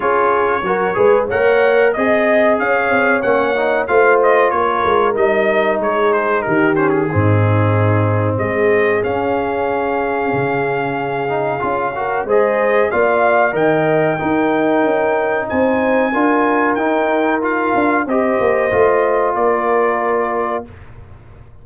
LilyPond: <<
  \new Staff \with { instrumentName = "trumpet" } { \time 4/4 \tempo 4 = 93 cis''2 fis''4 dis''4 | f''4 fis''4 f''8 dis''8 cis''4 | dis''4 cis''8 c''8 ais'8 c''16 gis'4~ gis'16~ | gis'4 dis''4 f''2~ |
f''2. dis''4 | f''4 g''2. | gis''2 g''4 f''4 | dis''2 d''2 | }
  \new Staff \with { instrumentName = "horn" } { \time 4/4 gis'4 ais'8 b'8 cis''4 dis''4 | cis''2 c''4 ais'4~ | ais'4 gis'4 g'4 dis'4~ | dis'4 gis'2.~ |
gis'2~ gis'8 ais'8 c''4 | d''4 dis''4 ais'2 | c''4 ais'2. | c''2 ais'2 | }
  \new Staff \with { instrumentName = "trombone" } { \time 4/4 f'4 fis'8 gis'8 ais'4 gis'4~ | gis'4 cis'8 dis'8 f'2 | dis'2~ dis'8 cis'8 c'4~ | c'2 cis'2~ |
cis'4. dis'8 f'8 fis'8 gis'4 | f'4 ais'4 dis'2~ | dis'4 f'4 dis'4 f'4 | g'4 f'2. | }
  \new Staff \with { instrumentName = "tuba" } { \time 4/4 cis'4 fis8 gis8 ais4 c'4 | cis'8 c'8 ais4 a4 ais8 gis8 | g4 gis4 dis4 gis,4~ | gis,4 gis4 cis'2 |
cis2 cis'4 gis4 | ais4 dis4 dis'4 cis'4 | c'4 d'4 dis'4. d'8 | c'8 ais8 a4 ais2 | }
>>